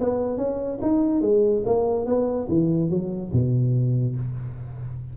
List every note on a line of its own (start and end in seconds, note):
0.00 0.37 B3
0.37 0.79 C#4
0.82 1.22 D#4
1.22 1.63 G#3
1.66 2.06 A#3
2.06 2.48 B3
2.49 2.90 E3
2.90 3.32 F#3
3.33 4.16 B2